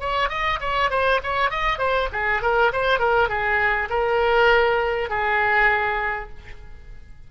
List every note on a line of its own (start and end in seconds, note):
0.00 0.29 C#5
0.29 0.59 D#5
0.60 0.90 C#5
0.90 1.20 C5
1.23 1.50 C#5
1.50 1.78 D#5
1.78 2.08 C5
2.12 2.42 G#4
2.42 2.72 A#4
2.72 2.99 C5
2.99 3.29 A#4
3.29 3.89 G#4
3.89 5.09 A#4
5.09 6.29 G#4